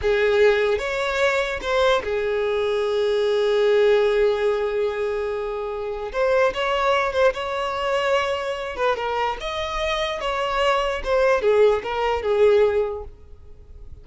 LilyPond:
\new Staff \with { instrumentName = "violin" } { \time 4/4 \tempo 4 = 147 gis'2 cis''2 | c''4 gis'2.~ | gis'1~ | gis'2. c''4 |
cis''4. c''8 cis''2~ | cis''4. b'8 ais'4 dis''4~ | dis''4 cis''2 c''4 | gis'4 ais'4 gis'2 | }